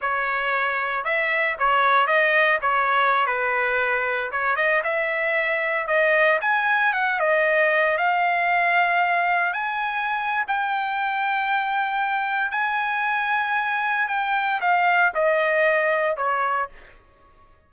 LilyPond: \new Staff \with { instrumentName = "trumpet" } { \time 4/4 \tempo 4 = 115 cis''2 e''4 cis''4 | dis''4 cis''4~ cis''16 b'4.~ b'16~ | b'16 cis''8 dis''8 e''2 dis''8.~ | dis''16 gis''4 fis''8 dis''4. f''8.~ |
f''2~ f''16 gis''4.~ gis''16 | g''1 | gis''2. g''4 | f''4 dis''2 cis''4 | }